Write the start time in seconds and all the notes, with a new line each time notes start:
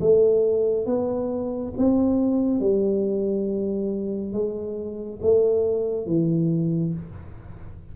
0.00 A3
0.86 B3
1.77 C4
2.60 G3
4.33 G#3
5.22 A3
6.06 E3